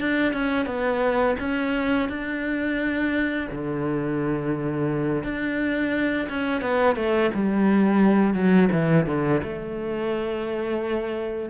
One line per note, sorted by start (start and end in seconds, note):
0.00 0.33 D4
0.33 0.66 C#4
0.66 1.36 B3
1.40 2.09 C#4
2.09 3.49 D4
3.52 5.24 D3
5.24 6.28 D4
6.29 6.62 C#4
6.62 6.96 B3
6.96 7.31 A3
7.34 8.34 G3
8.34 8.69 F#3
8.72 9.07 E3
9.07 9.42 D3
9.43 11.50 A3